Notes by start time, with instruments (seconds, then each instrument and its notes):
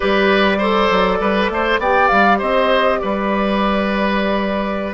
0.00 bassoon G3, clarinet G4, oboe B4, flute D5
0.58 clarinet A4, oboe C5
0.90 bassoon F#3
1.20 bassoon G3, oboe B4
1.49 bassoon A3, oboe C5
1.78 bassoon B3, clarinet G4, oboe D5, flute G5
2.08 bassoon G3, flute F5
2.38 bassoon C4, oboe C5, flute D#5
2.99 bassoon G3, oboe B4, flute D5